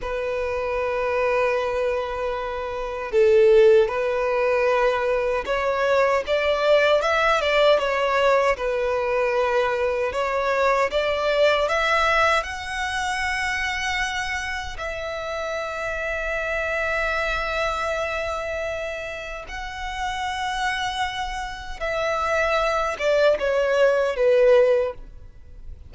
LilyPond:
\new Staff \with { instrumentName = "violin" } { \time 4/4 \tempo 4 = 77 b'1 | a'4 b'2 cis''4 | d''4 e''8 d''8 cis''4 b'4~ | b'4 cis''4 d''4 e''4 |
fis''2. e''4~ | e''1~ | e''4 fis''2. | e''4. d''8 cis''4 b'4 | }